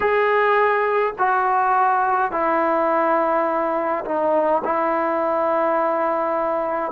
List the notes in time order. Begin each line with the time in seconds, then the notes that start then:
0.00 G#4
1.18 F#4
2.31 E4
4.04 D#4
4.64 E4